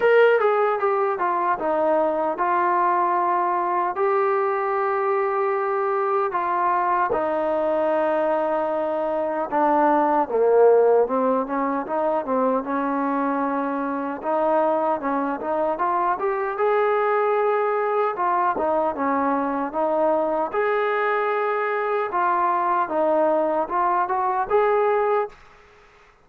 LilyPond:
\new Staff \with { instrumentName = "trombone" } { \time 4/4 \tempo 4 = 76 ais'8 gis'8 g'8 f'8 dis'4 f'4~ | f'4 g'2. | f'4 dis'2. | d'4 ais4 c'8 cis'8 dis'8 c'8 |
cis'2 dis'4 cis'8 dis'8 | f'8 g'8 gis'2 f'8 dis'8 | cis'4 dis'4 gis'2 | f'4 dis'4 f'8 fis'8 gis'4 | }